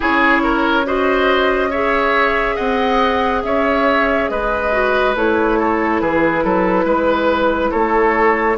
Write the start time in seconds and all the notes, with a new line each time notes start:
0.00 C#4 E4 G#4 C#5
0.43 A#4
0.85 F#4 C5 D#5
1.69 G#4 C#5 E5
2.55 C4 D#5 F#5
3.43 C#4 C#5 E5
4.29 G#3 B4 D#5
4.71 F#4
5.15 A3 E4 C#5
5.59 A4
6.00 E3 G#4 B4
6.44 F#3 A4
6.84 G#3 B4
7.71 A3 A4 C#5